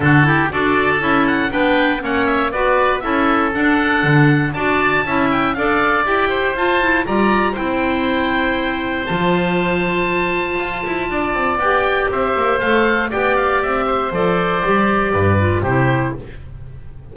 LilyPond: <<
  \new Staff \with { instrumentName = "oboe" } { \time 4/4 \tempo 4 = 119 a'4 d''4 e''8 fis''8 g''4 | fis''8 e''8 d''4 e''4 fis''4~ | fis''4 a''4. g''8 f''4 | g''4 a''4 ais''4 g''4~ |
g''2 a''2~ | a''2. g''4 | e''4 f''4 g''8 f''8 e''4 | d''2. c''4 | }
  \new Staff \with { instrumentName = "oboe" } { \time 4/4 fis'8 g'8 a'2 b'4 | cis''4 b'4 a'2~ | a'4 d''4 e''4 d''4~ | d''8 c''4. d''4 c''4~ |
c''1~ | c''2 d''2 | c''2 d''4. c''8~ | c''2 b'4 g'4 | }
  \new Staff \with { instrumentName = "clarinet" } { \time 4/4 d'8 e'8 fis'4 e'4 d'4 | cis'4 fis'4 e'4 d'4~ | d'4 fis'4 e'4 a'4 | g'4 f'8 e'8 f'4 e'4~ |
e'2 f'2~ | f'2. g'4~ | g'4 a'4 g'2 | a'4 g'4. f'8 e'4 | }
  \new Staff \with { instrumentName = "double bass" } { \time 4/4 d4 d'4 cis'4 b4 | ais4 b4 cis'4 d'4 | d4 d'4 cis'4 d'4 | e'4 f'4 g4 c'4~ |
c'2 f2~ | f4 f'8 e'8 d'8 c'8 b4 | c'8 ais8 a4 b4 c'4 | f4 g4 g,4 c4 | }
>>